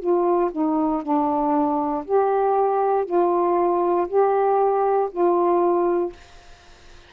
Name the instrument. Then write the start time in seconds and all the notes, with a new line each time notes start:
saxophone
0.00 F4
0.52 D#4
1.03 D4
2.05 G4
3.06 F4
4.08 G4
5.12 F4